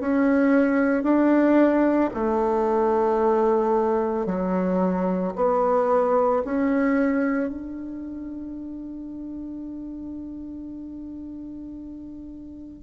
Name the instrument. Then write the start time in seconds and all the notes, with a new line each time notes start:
bassoon
0.00 C#4
1.03 D4
2.14 A3
4.26 F#3
5.36 B3
6.45 C#4
7.50 D4